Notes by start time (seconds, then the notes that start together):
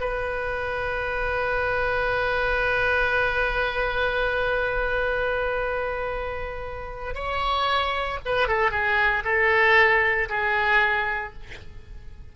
0.00 B4
7.15 C#5
8.25 B4
8.48 A4
8.71 G#4
9.24 A4
10.29 G#4